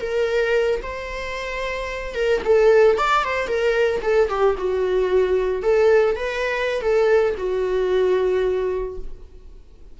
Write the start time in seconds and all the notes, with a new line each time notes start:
0.00 A#4
0.82 C5
2.14 A#4
2.44 A4
2.97 D5
3.24 C5
3.47 A#4
4.02 A4
4.29 G4
4.58 F#4
5.62 A4
6.16 B4
6.81 A4
7.37 F#4